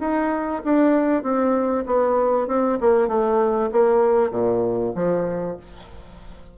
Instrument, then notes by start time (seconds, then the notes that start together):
bassoon
0.00 D#4
0.64 D4
1.23 C4
1.86 B3
2.47 C4
2.80 A#3
3.08 A3
3.72 A#3
4.30 A#2
4.95 F3